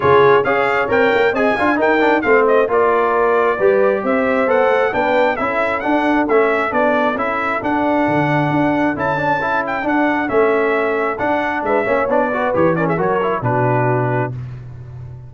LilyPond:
<<
  \new Staff \with { instrumentName = "trumpet" } { \time 4/4 \tempo 4 = 134 cis''4 f''4 g''4 gis''4 | g''4 f''8 dis''8 d''2~ | d''4 e''4 fis''4 g''4 | e''4 fis''4 e''4 d''4 |
e''4 fis''2. | a''4. g''8 fis''4 e''4~ | e''4 fis''4 e''4 d''4 | cis''8 d''16 e''16 cis''4 b'2 | }
  \new Staff \with { instrumentName = "horn" } { \time 4/4 gis'4 cis''2 dis''8 f''8 | ais'4 c''4 ais'2 | b'4 c''2 b'4 | a'1~ |
a'1~ | a'1~ | a'2 b'8 cis''4 b'8~ | b'8 ais'16 gis'16 ais'4 fis'2 | }
  \new Staff \with { instrumentName = "trombone" } { \time 4/4 f'4 gis'4 ais'4 gis'8 f'8 | dis'8 d'8 c'4 f'2 | g'2 a'4 d'4 | e'4 d'4 cis'4 d'4 |
e'4 d'2. | e'8 d'8 e'4 d'4 cis'4~ | cis'4 d'4. cis'8 d'8 fis'8 | g'8 cis'8 fis'8 e'8 d'2 | }
  \new Staff \with { instrumentName = "tuba" } { \time 4/4 cis4 cis'4 c'8 ais8 c'8 d'8 | dis'4 a4 ais2 | g4 c'4 b8 a8 b4 | cis'4 d'4 a4 b4 |
cis'4 d'4 d4 d'4 | cis'2 d'4 a4~ | a4 d'4 gis8 ais8 b4 | e4 fis4 b,2 | }
>>